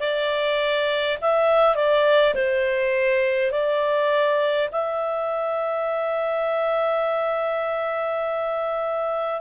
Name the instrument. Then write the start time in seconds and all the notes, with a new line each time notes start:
clarinet
0.00 D5
1.21 E5
1.75 D5
2.35 C5
3.51 D5
4.72 E5